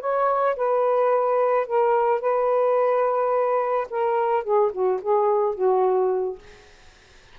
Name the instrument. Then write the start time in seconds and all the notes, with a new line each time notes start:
saxophone
0.00 C#5
0.56 B4
1.66 A#4
2.20 B4
3.90 A#4
4.43 G#4
4.72 F#4
5.02 G#4
5.55 F#4